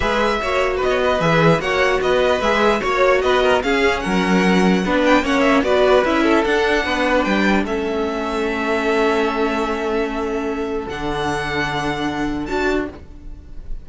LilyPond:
<<
  \new Staff \with { instrumentName = "violin" } { \time 4/4 \tempo 4 = 149 e''2 dis''4 e''4 | fis''4 dis''4 e''4 cis''4 | dis''4 f''4 fis''2~ | fis''8 g''8 fis''8 e''8 d''4 e''4 |
fis''2 g''4 e''4~ | e''1~ | e''2. fis''4~ | fis''2. a''4 | }
  \new Staff \with { instrumentName = "violin" } { \time 4/4 b'4 cis''4 b'16 cis''16 b'4. | cis''4 b'2 cis''4 | b'8 ais'8 gis'4 ais'2 | b'4 cis''4 b'4. a'8~ |
a'4 b'2 a'4~ | a'1~ | a'1~ | a'1 | }
  \new Staff \with { instrumentName = "viola" } { \time 4/4 gis'4 fis'2 gis'4 | fis'2 gis'4 fis'4~ | fis'4 cis'2. | d'4 cis'4 fis'4 e'4 |
d'2. cis'4~ | cis'1~ | cis'2. d'4~ | d'2. fis'4 | }
  \new Staff \with { instrumentName = "cello" } { \time 4/4 gis4 ais4 b4 e4 | ais4 b4 gis4 ais4 | b4 cis'4 fis2 | b4 ais4 b4 cis'4 |
d'4 b4 g4 a4~ | a1~ | a2. d4~ | d2. d'4 | }
>>